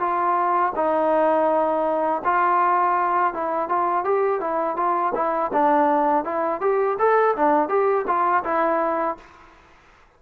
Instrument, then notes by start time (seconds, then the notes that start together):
trombone
0.00 F4
0.76 D#4
2.25 F4
3.34 E4
3.69 F4
4.05 G4
4.41 E4
4.77 F4
5.15 E4
5.53 D4
6.25 E4
6.62 G4
6.99 A4
7.37 D4
7.69 G4
8.08 F4
8.44 E4